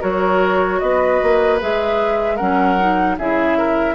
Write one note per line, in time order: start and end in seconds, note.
0.00 0.81 F#3
0.00 1.58 F#4
0.00 0.79 A#4
0.00 0.79 C#5
0.79 1.21 B3
0.79 2.36 B4
0.79 1.58 D#5
1.22 1.62 A#3
1.60 2.40 G#3
1.60 2.39 G#4
1.60 2.37 E5
2.36 3.18 F#3
2.36 2.78 C#4
2.36 3.15 A#4
2.36 3.15 F#5
2.79 3.18 D#4
3.18 3.95 C#3
3.18 3.95 E4
3.18 3.58 G#4
3.18 3.95 E5
3.58 3.95 A#4